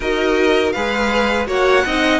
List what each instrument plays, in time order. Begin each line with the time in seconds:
0.00 cello D#4, viola F#4, violin A#4 D#5
0.71 cello G#3, viola G#4, violin B4 F5
1.46 cello A#3, viola F#4, violin C#5 F#5
1.85 cello C4, viola D#4, violin D#5